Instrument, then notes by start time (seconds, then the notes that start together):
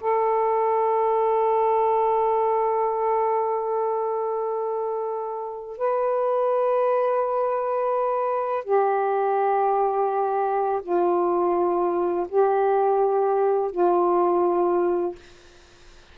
saxophone
0.00 A4
5.77 B4
8.64 G4
10.82 F4
12.28 G4
13.71 F4